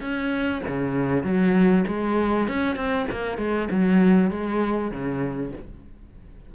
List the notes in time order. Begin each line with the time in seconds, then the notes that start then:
0.00 C#4
0.67 C#3
1.23 F#3
1.87 G#3
2.48 C#4
2.76 C4
3.11 A#3
3.37 G#3
3.70 F#3
4.30 G#3
4.91 C#3